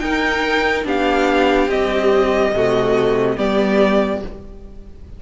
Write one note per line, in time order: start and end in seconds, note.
0.00 0.85 D#4
0.00 0.84 D#4
0.00 0.86 A#4
0.00 0.85 G5
0.84 1.68 B3
0.84 1.69 D4
0.84 2.55 G4
0.84 1.70 F5
1.68 2.56 G3
1.68 2.52 C4
1.68 3.38 D#5
2.52 3.37 C3
2.52 3.37 A3
2.52 3.37 F#4
3.37 4.23 G3
3.37 4.21 B3
3.37 4.21 G4
3.37 4.23 D5